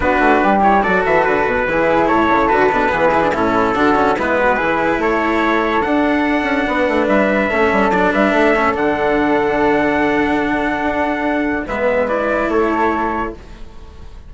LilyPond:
<<
  \new Staff \with { instrumentName = "trumpet" } { \time 4/4 \tempo 4 = 144 b'4. cis''8 d''8 e''8 b'4~ | b'4 cis''4 b'2 | a'2 b'2 | cis''2 fis''2~ |
fis''4 e''2 d''8 e''8~ | e''4 fis''2.~ | fis''1 | e''4 d''4 cis''2 | }
  \new Staff \with { instrumentName = "flute" } { \time 4/4 fis'4 g'4 a'2 | gis'4 a'2 gis'4 | e'4 fis'4 e'8 fis'8 gis'4 | a'1 |
b'2 a'4. b'8 | a'1~ | a'1 | b'2 a'2 | }
  \new Staff \with { instrumentName = "cello" } { \time 4/4 d'4. e'8 fis'2 | e'2 fis'8 d'8 b8 e'16 d'16 | cis'4 d'8 cis'8 b4 e'4~ | e'2 d'2~ |
d'2 cis'4 d'4~ | d'8 cis'8 d'2.~ | d'1 | b4 e'2. | }
  \new Staff \with { instrumentName = "bassoon" } { \time 4/4 b8 a8 g4 fis8 e8 d8 b,8 | e4 a,8 cis8 d8 b,8 e4 | a,4 d4 gis4 e4 | a2 d'4. cis'8 |
b8 a8 g4 a8 g8 fis8 g8 | a4 d2.~ | d2 d'2 | gis2 a2 | }
>>